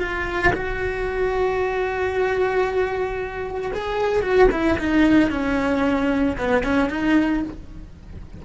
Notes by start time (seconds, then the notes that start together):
0.00 F4
0.54 F#4
3.74 G#4
4.22 F#4
4.52 E4
4.79 D#4
5.30 C#4
6.38 B3
6.64 C#4
6.90 D#4